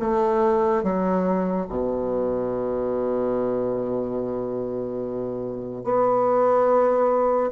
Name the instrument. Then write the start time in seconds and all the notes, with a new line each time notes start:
bassoon
0.00 A3
0.83 F#3
1.69 B2
5.84 B3